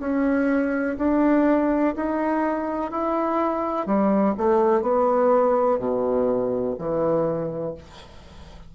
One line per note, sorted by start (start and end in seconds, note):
0.00 0.97 C#4
0.98 1.95 D4
1.96 2.91 D#4
2.91 3.86 E4
3.86 4.35 G3
4.38 4.82 A3
4.82 5.78 B3
5.78 6.75 B2
6.78 7.75 E3